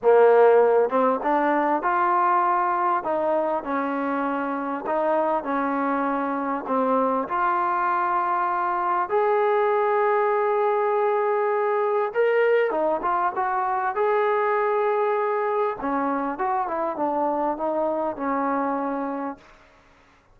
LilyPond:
\new Staff \with { instrumentName = "trombone" } { \time 4/4 \tempo 4 = 99 ais4. c'8 d'4 f'4~ | f'4 dis'4 cis'2 | dis'4 cis'2 c'4 | f'2. gis'4~ |
gis'1 | ais'4 dis'8 f'8 fis'4 gis'4~ | gis'2 cis'4 fis'8 e'8 | d'4 dis'4 cis'2 | }